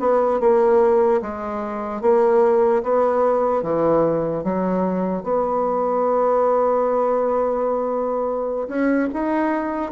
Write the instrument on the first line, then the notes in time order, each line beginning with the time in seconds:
bassoon
0.00 B3
0.40 A#3
1.22 G#3
2.02 A#3
2.83 B3
3.63 E3
4.44 F#3
5.23 B3
8.68 C#4
9.13 D#4